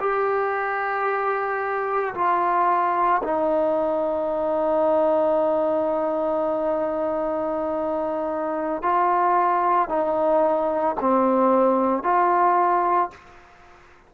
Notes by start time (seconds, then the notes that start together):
0.00 G4
2.15 F4
3.23 D#4
8.83 F4
9.89 D#4
11.01 C4
12.04 F4